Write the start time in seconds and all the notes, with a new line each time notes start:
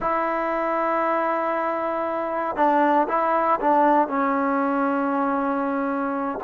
0.00 E4
2.55 D4
3.08 E4
3.60 D4
4.08 C#4